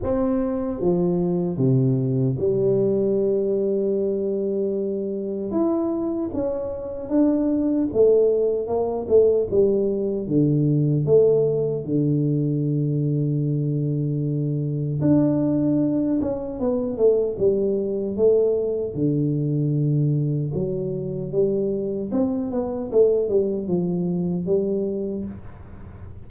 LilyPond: \new Staff \with { instrumentName = "tuba" } { \time 4/4 \tempo 4 = 76 c'4 f4 c4 g4~ | g2. e'4 | cis'4 d'4 a4 ais8 a8 | g4 d4 a4 d4~ |
d2. d'4~ | d'8 cis'8 b8 a8 g4 a4 | d2 fis4 g4 | c'8 b8 a8 g8 f4 g4 | }